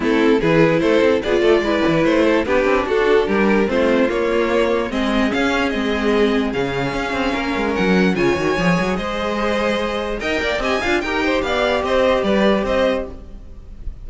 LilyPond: <<
  \new Staff \with { instrumentName = "violin" } { \time 4/4 \tempo 4 = 147 a'4 b'4 c''4 d''4~ | d''4 c''4 b'4 a'4 | ais'4 c''4 cis''2 | dis''4 f''4 dis''2 |
f''2. fis''4 | gis''2 dis''2~ | dis''4 g''4 gis''4 g''4 | f''4 dis''4 d''4 dis''4 | }
  \new Staff \with { instrumentName = "violin" } { \time 4/4 e'4 gis'4 a'4 gis'8 a'8 | b'4. a'8 g'4 fis'4 | g'4 f'2. | gis'1~ |
gis'2 ais'2 | cis''2 c''2~ | c''4 dis''8 d''8 dis''8 f''8 ais'8 c''8 | d''4 c''4 b'4 c''4 | }
  \new Staff \with { instrumentName = "viola" } { \time 4/4 c'4 e'2 f'4 | e'2 d'2~ | d'4 c'4 ais2 | c'4 cis'4 c'2 |
cis'1 | f'8 fis'8 gis'2.~ | gis'4 ais'4 g'8 f'8 g'4~ | g'1 | }
  \new Staff \with { instrumentName = "cello" } { \time 4/4 a4 e4 a8 c'8 b8 a8 | gis8 e8 a4 b8 c'8 d'4 | g4 a4 ais2 | gis4 cis'4 gis2 |
cis4 cis'8 c'8 ais8 gis8 fis4 | cis8 dis8 f8 fis8 gis2~ | gis4 dis'8 ais8 c'8 d'8 dis'4 | b4 c'4 g4 c'4 | }
>>